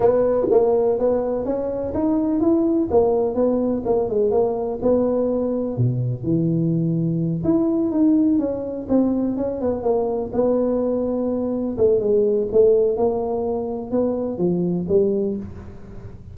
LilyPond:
\new Staff \with { instrumentName = "tuba" } { \time 4/4 \tempo 4 = 125 b4 ais4 b4 cis'4 | dis'4 e'4 ais4 b4 | ais8 gis8 ais4 b2 | b,4 e2~ e8 e'8~ |
e'8 dis'4 cis'4 c'4 cis'8 | b8 ais4 b2~ b8~ | b8 a8 gis4 a4 ais4~ | ais4 b4 f4 g4 | }